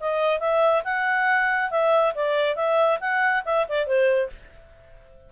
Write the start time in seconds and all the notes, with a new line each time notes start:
0.00 D#5
0.40 E5
0.84 F#5
1.71 E5
2.14 D5
2.56 E5
3.00 F#5
3.45 E5
3.68 D5
3.86 C5